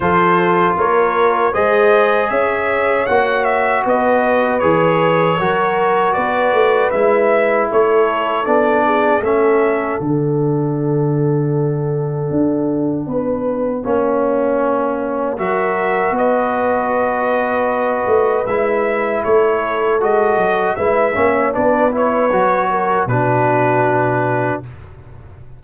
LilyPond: <<
  \new Staff \with { instrumentName = "trumpet" } { \time 4/4 \tempo 4 = 78 c''4 cis''4 dis''4 e''4 | fis''8 e''8 dis''4 cis''2 | d''4 e''4 cis''4 d''4 | e''4 fis''2.~ |
fis''1 | e''4 dis''2. | e''4 cis''4 dis''4 e''4 | d''8 cis''4. b'2 | }
  \new Staff \with { instrumentName = "horn" } { \time 4/4 a'4 ais'4 c''4 cis''4~ | cis''4 b'2 ais'4 | b'2 a'4. gis'8 | a'1~ |
a'4 b'4 cis''2 | ais'4 b'2.~ | b'4 a'2 b'8 cis''8 | b'4. ais'8 fis'2 | }
  \new Staff \with { instrumentName = "trombone" } { \time 4/4 f'2 gis'2 | fis'2 gis'4 fis'4~ | fis'4 e'2 d'4 | cis'4 d'2.~ |
d'2 cis'2 | fis'1 | e'2 fis'4 e'8 cis'8 | d'8 e'8 fis'4 d'2 | }
  \new Staff \with { instrumentName = "tuba" } { \time 4/4 f4 ais4 gis4 cis'4 | ais4 b4 e4 fis4 | b8 a8 gis4 a4 b4 | a4 d2. |
d'4 b4 ais2 | fis4 b2~ b8 a8 | gis4 a4 gis8 fis8 gis8 ais8 | b4 fis4 b,2 | }
>>